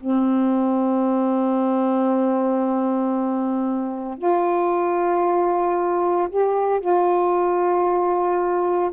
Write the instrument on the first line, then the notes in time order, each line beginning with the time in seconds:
saxophone
0.00 C4
4.18 F4
6.30 G4
6.80 F4